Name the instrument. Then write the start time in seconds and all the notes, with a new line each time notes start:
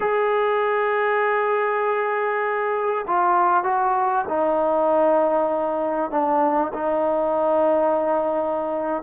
trombone
0.00 G#4
3.07 F4
3.63 F#4
4.28 D#4
6.10 D4
6.73 D#4